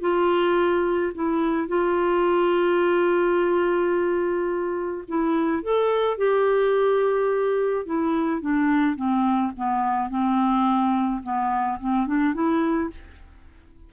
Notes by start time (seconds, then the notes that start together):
0.00 F4
1.14 E4
1.68 F4
5.08 E4
5.62 A4
6.17 G4
7.86 E4
8.41 D4
8.96 C4
9.56 B3
10.09 C4
11.23 B3
11.80 C4
12.07 D4
12.34 E4